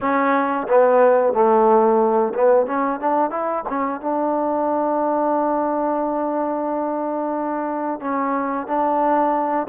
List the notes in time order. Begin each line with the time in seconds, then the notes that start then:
0.00 C#4
0.68 B3
1.33 A3
2.34 B3
2.66 C#4
3.00 D4
3.30 E4
3.68 C#4
4.01 D4
8.00 C#4
8.67 D4